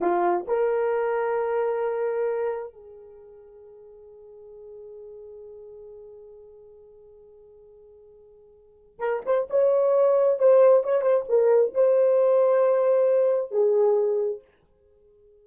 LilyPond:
\new Staff \with { instrumentName = "horn" } { \time 4/4 \tempo 4 = 133 f'4 ais'2.~ | ais'2 gis'2~ | gis'1~ | gis'1~ |
gis'1 | ais'8 c''8 cis''2 c''4 | cis''8 c''8 ais'4 c''2~ | c''2 gis'2 | }